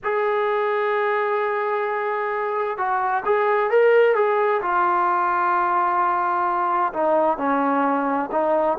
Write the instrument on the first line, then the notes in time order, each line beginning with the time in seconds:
trombone
0.03 G#4
2.77 F#4
3.25 G#4
3.70 A#4
4.15 G#4
4.62 F4
6.93 D#4
7.37 C#4
8.31 D#4